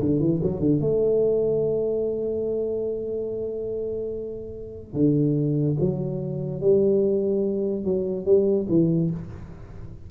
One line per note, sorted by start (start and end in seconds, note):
0.00 0.20 D3
0.20 0.41 E3
0.43 0.60 F#3
0.60 0.81 D3
0.81 4.94 A3
4.94 5.76 D3
5.80 6.61 F#3
6.61 7.84 G3
7.84 8.25 F#3
8.25 8.67 G3
8.69 9.10 E3